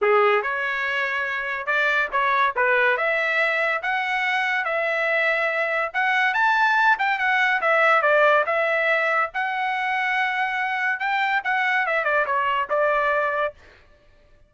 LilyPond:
\new Staff \with { instrumentName = "trumpet" } { \time 4/4 \tempo 4 = 142 gis'4 cis''2. | d''4 cis''4 b'4 e''4~ | e''4 fis''2 e''4~ | e''2 fis''4 a''4~ |
a''8 g''8 fis''4 e''4 d''4 | e''2 fis''2~ | fis''2 g''4 fis''4 | e''8 d''8 cis''4 d''2 | }